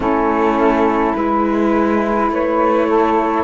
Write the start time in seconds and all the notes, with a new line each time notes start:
0.00 A3 C#4 E4 A4
1.14 G#3 E4 B4
2.30 A3 B4 C#5
2.87 A4